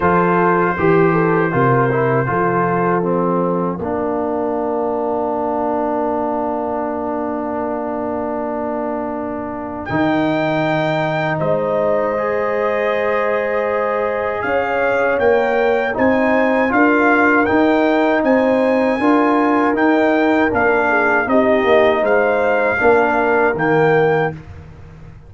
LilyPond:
<<
  \new Staff \with { instrumentName = "trumpet" } { \time 4/4 \tempo 4 = 79 c''1 | f''1~ | f''1~ | f''4 g''2 dis''4~ |
dis''2. f''4 | g''4 gis''4 f''4 g''4 | gis''2 g''4 f''4 | dis''4 f''2 g''4 | }
  \new Staff \with { instrumentName = "horn" } { \time 4/4 a'4 g'8 a'8 ais'4 a'4~ | a'4 ais'2.~ | ais'1~ | ais'2. c''4~ |
c''2. cis''4~ | cis''4 c''4 ais'2 | c''4 ais'2~ ais'8 gis'8 | g'4 c''4 ais'2 | }
  \new Staff \with { instrumentName = "trombone" } { \time 4/4 f'4 g'4 f'8 e'8 f'4 | c'4 d'2.~ | d'1~ | d'4 dis'2. |
gis'1 | ais'4 dis'4 f'4 dis'4~ | dis'4 f'4 dis'4 d'4 | dis'2 d'4 ais4 | }
  \new Staff \with { instrumentName = "tuba" } { \time 4/4 f4 e4 c4 f4~ | f4 ais2.~ | ais1~ | ais4 dis2 gis4~ |
gis2. cis'4 | ais4 c'4 d'4 dis'4 | c'4 d'4 dis'4 ais4 | c'8 ais8 gis4 ais4 dis4 | }
>>